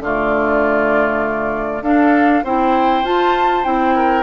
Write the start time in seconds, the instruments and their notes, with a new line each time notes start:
0.00 bassoon D3, clarinet A3, oboe F4, flute D5
1.81 bassoon D4, clarinet D4, oboe A4, flute F5
2.44 bassoon C4, clarinet E4, oboe C5, flute G5
3.04 clarinet F4, bassoon F4, flute A5
3.63 bassoon C4, clarinet E4, flute G5
3.95 oboe A#4